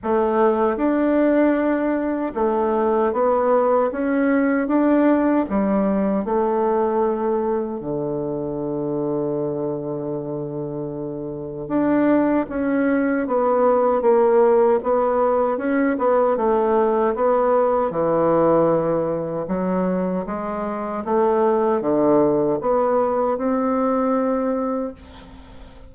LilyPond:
\new Staff \with { instrumentName = "bassoon" } { \time 4/4 \tempo 4 = 77 a4 d'2 a4 | b4 cis'4 d'4 g4 | a2 d2~ | d2. d'4 |
cis'4 b4 ais4 b4 | cis'8 b8 a4 b4 e4~ | e4 fis4 gis4 a4 | d4 b4 c'2 | }